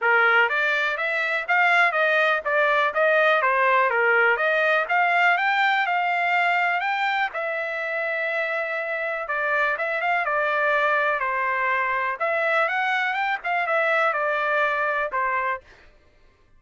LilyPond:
\new Staff \with { instrumentName = "trumpet" } { \time 4/4 \tempo 4 = 123 ais'4 d''4 e''4 f''4 | dis''4 d''4 dis''4 c''4 | ais'4 dis''4 f''4 g''4 | f''2 g''4 e''4~ |
e''2. d''4 | e''8 f''8 d''2 c''4~ | c''4 e''4 fis''4 g''8 f''8 | e''4 d''2 c''4 | }